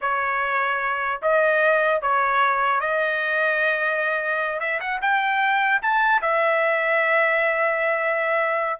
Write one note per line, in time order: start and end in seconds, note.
0.01 1.21 C#5
1.21 2.01 D#5
2.01 2.80 C#5
2.80 4.59 D#5
4.59 4.79 E5
4.80 5.00 F#5
5.01 5.81 G5
5.81 6.21 A5
6.21 8.80 E5